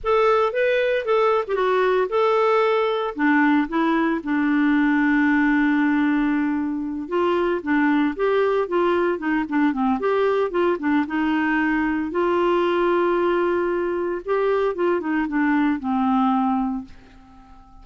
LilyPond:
\new Staff \with { instrumentName = "clarinet" } { \time 4/4 \tempo 4 = 114 a'4 b'4 a'8. g'16 fis'4 | a'2 d'4 e'4 | d'1~ | d'4. f'4 d'4 g'8~ |
g'8 f'4 dis'8 d'8 c'8 g'4 | f'8 d'8 dis'2 f'4~ | f'2. g'4 | f'8 dis'8 d'4 c'2 | }